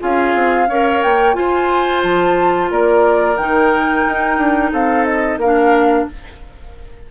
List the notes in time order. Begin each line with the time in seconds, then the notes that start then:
0.00 C#4 F4 G#4 F5
0.35 C4
0.68 C#4 A#4 C#5
1.03 A#3 G5
1.34 F4 C5 G#5
2.03 F3 A5
2.71 A#3 A#4 D5
3.37 D#3 D#4 G5
4.08 D#4
4.38 D4
4.72 C4 A4 F5
5.05 D#5
5.37 A#3 A#4 F5
5.44 D4